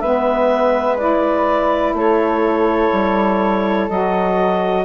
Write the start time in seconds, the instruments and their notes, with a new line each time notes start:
0.00 bassoon G#3, saxophone B3, flute B4, clarinet E5
0.97 saxophone E4, clarinet D5
1.93 bassoon A3, flute A4, clarinet C#5
2.92 bassoon G3
3.89 bassoon F#3, saxophone F#4, clarinet D#5